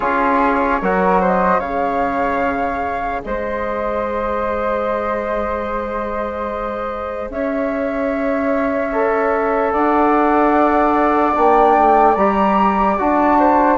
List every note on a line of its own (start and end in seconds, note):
0.00 0.81 C#4
0.00 0.80 F4
0.00 0.81 G#4
0.00 1.20 C#5
0.81 1.59 F#3
0.81 1.61 F#4
0.81 1.20 A#4
1.20 1.59 C5
1.20 1.59 D#5
1.59 3.21 C#3
1.59 8.91 G#4
1.59 3.21 C#5
1.59 3.22 F5
3.24 7.29 G#3
3.24 7.31 C5
3.24 7.29 D#5
7.29 9.73 C#4
7.29 9.72 C#5
7.29 9.72 E5
8.92 11.33 A4
9.72 11.35 D4
9.72 13.37 D5
9.72 11.34 F#5
11.33 11.77 A#3
11.33 12.15 D4
11.33 12.15 G5
11.77 12.16 A3
12.15 12.97 G3
12.15 12.98 G4
12.15 12.96 A#5
12.98 13.77 D4
12.98 13.77 F#4
12.98 13.77 A5
13.39 13.77 C5